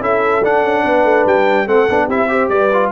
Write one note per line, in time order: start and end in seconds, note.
0.00 0.42 C#4
0.00 0.41 E4
0.00 0.83 A4
0.00 0.44 E5
0.43 0.63 D4
0.43 1.67 D4
0.43 1.27 F#5
0.63 0.83 C#4
0.83 1.04 B3
0.83 1.65 B4
1.04 1.24 A3
1.25 1.67 G3
1.25 1.67 G5
1.65 1.88 A3
1.65 1.87 C4
1.65 2.06 A4
1.65 2.09 F#5
1.89 2.08 B3
1.89 2.09 D4
2.06 2.49 C4
2.06 2.28 E4
2.06 2.27 G4
2.06 2.48 E5
2.28 2.69 G4
2.28 2.51 C5
2.48 2.90 G3
2.48 2.91 B4
2.48 2.90 D5
2.73 2.91 F4